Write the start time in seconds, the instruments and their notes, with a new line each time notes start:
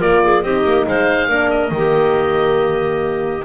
0.00 double bass A#3, horn F4, clarinet A#4, oboe D5
0.23 clarinet G#4
0.43 double bass C4, horn D#4, clarinet G4, oboe D#5
0.64 double bass A#3
0.87 double bass G#3, clarinet C5, oboe F5
1.29 double bass A#3, horn D4, clarinet A#4
1.50 oboe D#5
1.71 double bass D#3, horn A#3, clarinet G4